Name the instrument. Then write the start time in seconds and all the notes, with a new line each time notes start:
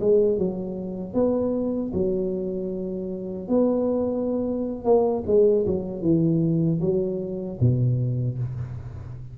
tuba
0.00 G#3
0.38 F#3
1.14 B3
1.93 F#3
3.48 B3
4.85 A#3
5.27 G#3
5.66 F#3
6.02 E3
6.81 F#3
7.60 B2